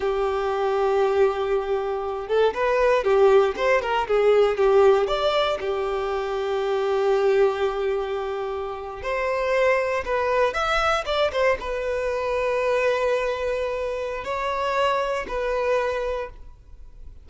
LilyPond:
\new Staff \with { instrumentName = "violin" } { \time 4/4 \tempo 4 = 118 g'1~ | g'8 a'8 b'4 g'4 c''8 ais'8 | gis'4 g'4 d''4 g'4~ | g'1~ |
g'4.~ g'16 c''2 b'16~ | b'8. e''4 d''8 c''8 b'4~ b'16~ | b'1 | cis''2 b'2 | }